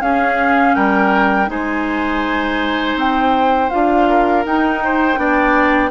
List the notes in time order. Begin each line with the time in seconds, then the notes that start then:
0.00 C#4 G#4 F5
0.75 G3 A#4 G5
1.46 G#3 D#4 C5 G#5
2.95 C4 G5
3.69 D4 F4 F5
4.09 A#4
4.45 D#4 G5
4.84 C5
5.16 B3 D4 D5